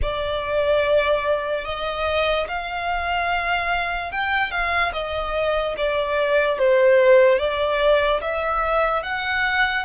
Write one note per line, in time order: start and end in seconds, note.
0.01 1.64 D5
1.64 2.47 D#5
2.48 4.11 F5
4.11 4.51 G5
4.51 4.92 F5
4.92 5.75 D#5
5.77 6.58 D5
6.58 7.38 C5
7.38 8.20 D5
8.21 9.03 E5
9.03 9.85 F#5